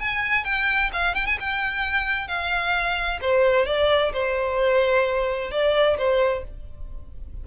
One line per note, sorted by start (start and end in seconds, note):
0.00 0.45 G#5
0.45 0.91 G5
0.93 1.15 F5
1.15 1.27 G5
1.27 1.38 G#5
1.40 2.28 G5
2.28 3.20 F5
3.22 3.67 C5
3.67 4.13 D5
4.13 5.52 C5
5.52 5.98 D5
5.98 6.44 C5